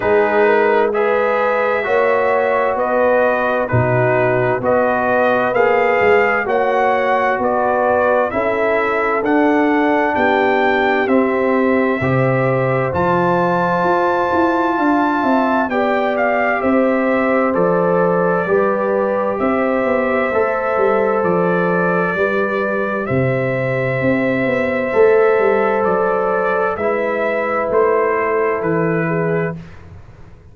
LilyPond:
<<
  \new Staff \with { instrumentName = "trumpet" } { \time 4/4 \tempo 4 = 65 b'4 e''2 dis''4 | b'4 dis''4 f''4 fis''4 | d''4 e''4 fis''4 g''4 | e''2 a''2~ |
a''4 g''8 f''8 e''4 d''4~ | d''4 e''2 d''4~ | d''4 e''2. | d''4 e''4 c''4 b'4 | }
  \new Staff \with { instrumentName = "horn" } { \time 4/4 gis'8 ais'8 b'4 cis''4 b'4 | fis'4 b'2 cis''4 | b'4 a'2 g'4~ | g'4 c''2. |
f''8 e''8 d''4 c''2 | b'4 c''2. | b'4 c''2.~ | c''4 b'4. a'4 gis'8 | }
  \new Staff \with { instrumentName = "trombone" } { \time 4/4 dis'4 gis'4 fis'2 | dis'4 fis'4 gis'4 fis'4~ | fis'4 e'4 d'2 | c'4 g'4 f'2~ |
f'4 g'2 a'4 | g'2 a'2 | g'2. a'4~ | a'4 e'2. | }
  \new Staff \with { instrumentName = "tuba" } { \time 4/4 gis2 ais4 b4 | b,4 b4 ais8 gis8 ais4 | b4 cis'4 d'4 b4 | c'4 c4 f4 f'8 e'8 |
d'8 c'8 b4 c'4 f4 | g4 c'8 b8 a8 g8 f4 | g4 c4 c'8 b8 a8 g8 | fis4 gis4 a4 e4 | }
>>